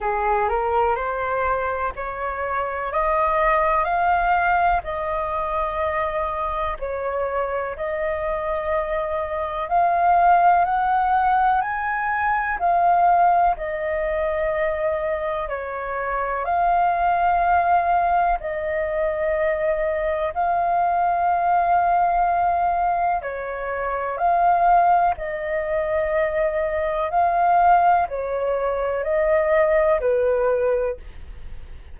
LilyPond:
\new Staff \with { instrumentName = "flute" } { \time 4/4 \tempo 4 = 62 gis'8 ais'8 c''4 cis''4 dis''4 | f''4 dis''2 cis''4 | dis''2 f''4 fis''4 | gis''4 f''4 dis''2 |
cis''4 f''2 dis''4~ | dis''4 f''2. | cis''4 f''4 dis''2 | f''4 cis''4 dis''4 b'4 | }